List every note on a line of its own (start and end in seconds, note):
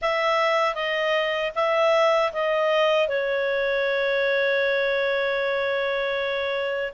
0.01 0.74 E5
0.74 1.51 D#5
1.55 2.32 E5
2.33 3.08 D#5
3.08 6.93 C#5